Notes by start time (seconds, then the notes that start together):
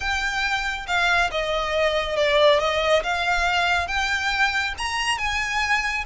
0.00 G5
0.87 F5
1.31 D#5
2.16 D5
2.59 D#5
3.03 F5
3.87 G5
4.78 A#5
5.18 G#5